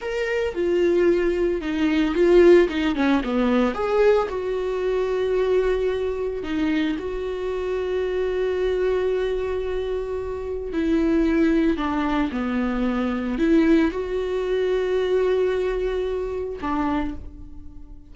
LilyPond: \new Staff \with { instrumentName = "viola" } { \time 4/4 \tempo 4 = 112 ais'4 f'2 dis'4 | f'4 dis'8 cis'8 b4 gis'4 | fis'1 | dis'4 fis'2.~ |
fis'1 | e'2 d'4 b4~ | b4 e'4 fis'2~ | fis'2. d'4 | }